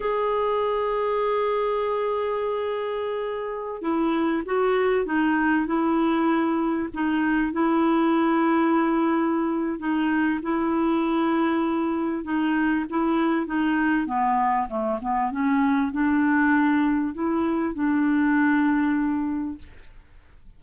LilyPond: \new Staff \with { instrumentName = "clarinet" } { \time 4/4 \tempo 4 = 98 gis'1~ | gis'2~ gis'16 e'4 fis'8.~ | fis'16 dis'4 e'2 dis'8.~ | dis'16 e'2.~ e'8. |
dis'4 e'2. | dis'4 e'4 dis'4 b4 | a8 b8 cis'4 d'2 | e'4 d'2. | }